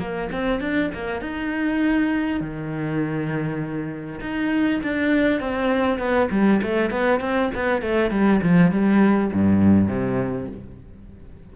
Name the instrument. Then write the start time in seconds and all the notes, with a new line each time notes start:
cello
0.00 A#3
0.33 C4
0.61 D4
0.95 A#3
1.22 D#4
2.41 D#3
4.21 D#4
4.84 D4
5.41 C4
5.99 B3
6.32 G3
6.63 A3
6.91 B3
7.21 C4
7.55 B3
7.82 A3
8.11 G3
8.43 F3
8.72 G3
9.34 G2
9.88 C3